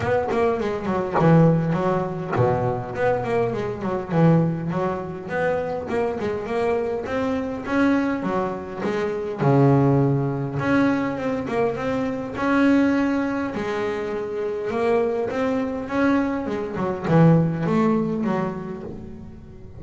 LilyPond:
\new Staff \with { instrumentName = "double bass" } { \time 4/4 \tempo 4 = 102 b8 ais8 gis8 fis8 e4 fis4 | b,4 b8 ais8 gis8 fis8 e4 | fis4 b4 ais8 gis8 ais4 | c'4 cis'4 fis4 gis4 |
cis2 cis'4 c'8 ais8 | c'4 cis'2 gis4~ | gis4 ais4 c'4 cis'4 | gis8 fis8 e4 a4 fis4 | }